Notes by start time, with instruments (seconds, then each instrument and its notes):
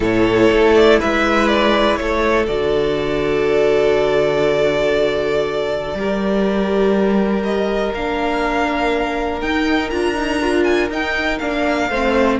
0.00 cello A2, viola E4, violin A4 C#5
0.50 cello A3
0.74 violin D5
0.99 cello G#3, violin B4 E5
1.48 violin D5
1.96 cello A3, violin A4 C#5
2.46 cello D3, viola F#4, violin D5
5.94 cello G3, viola G4, violin A#4
7.43 violin D#5
7.93 cello A#3, viola D4, violin F5
9.41 cello D#4, viola D#4, violin G5
9.90 cello D4, viola F4, violin A#5
10.14 viola D#4
10.40 viola F4
10.63 violin G#5
10.89 cello D#4, viola D#4, violin G5
11.38 cello A#3, viola D4, violin F5
11.89 cello A3, viola C4, violin C5